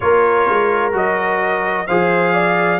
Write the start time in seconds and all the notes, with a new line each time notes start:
0.00 A#3 F4 A#4 C#5
0.48 G#3
0.92 F#3 F#4 D#5
1.87 F3 G#4 C5 F5
2.33 D5